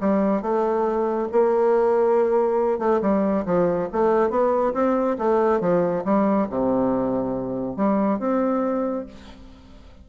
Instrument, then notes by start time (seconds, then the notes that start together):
bassoon
0.00 G3
0.42 A3
1.32 A#3
2.78 A3
3.01 G3
3.45 F3
3.92 A3
4.30 B3
4.74 C4
5.18 A3
5.60 F3
6.05 G3
6.50 C3
7.76 G3
8.19 C4